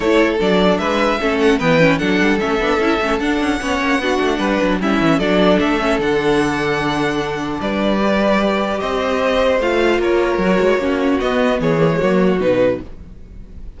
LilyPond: <<
  \new Staff \with { instrumentName = "violin" } { \time 4/4 \tempo 4 = 150 cis''4 d''4 e''4. fis''8 | g''4 fis''4 e''2 | fis''1 | e''4 d''4 e''4 fis''4~ |
fis''2. d''4~ | d''2 dis''2 | f''4 cis''2. | dis''4 cis''2 b'4 | }
  \new Staff \with { instrumentName = "violin" } { \time 4/4 a'2 b'4 a'4 | b'4 a'2.~ | a'4 cis''4 fis'4 b'4 | e'4 a'2.~ |
a'2. b'4~ | b'2 c''2~ | c''4 ais'2 fis'4~ | fis'4 gis'4 fis'2 | }
  \new Staff \with { instrumentName = "viola" } { \time 4/4 e'4 d'2 cis'4 | b8 cis'8 d'4 cis'8 d'8 e'8 cis'8 | d'4 cis'4 d'2 | cis'4 d'4. cis'8 d'4~ |
d'1 | g'1 | f'2 fis'4 cis'4 | b4. ais16 gis16 ais4 dis'4 | }
  \new Staff \with { instrumentName = "cello" } { \time 4/4 a4 fis4 gis4 a4 | e4 fis8 g8 a8 b8 cis'8 a8 | d'8 cis'8 b8 ais8 b8 a8 g8 fis8 | g8 e8 fis4 a4 d4~ |
d2. g4~ | g2 c'2 | a4 ais4 fis8 gis8 ais4 | b4 e4 fis4 b,4 | }
>>